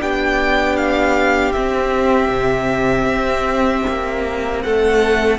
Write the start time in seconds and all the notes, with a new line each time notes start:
0.00 B3 D4 G4 G5
0.76 F5
1.52 C4 E5
2.28 C3
3.05 C4
3.88 A#3
4.62 A3 A4 F#5